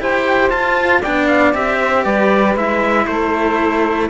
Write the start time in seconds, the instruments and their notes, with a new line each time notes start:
0.00 cello E4 G4, saxophone C5, trumpet G5
0.50 cello F4, trumpet A5
1.01 cello B3 D4, saxophone D5, trumpet G5
1.28 trumpet F5
1.54 cello C4 G4, trumpet E5
1.81 saxophone C5
2.04 cello G3, saxophone B4, trumpet D5
2.55 cello G#3 E4, trumpet E5
3.07 cello A3, saxophone A4, trumpet C5